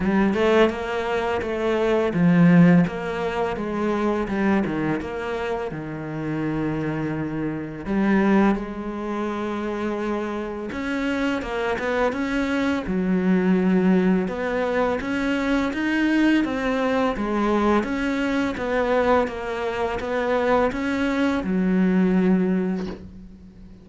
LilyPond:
\new Staff \with { instrumentName = "cello" } { \time 4/4 \tempo 4 = 84 g8 a8 ais4 a4 f4 | ais4 gis4 g8 dis8 ais4 | dis2. g4 | gis2. cis'4 |
ais8 b8 cis'4 fis2 | b4 cis'4 dis'4 c'4 | gis4 cis'4 b4 ais4 | b4 cis'4 fis2 | }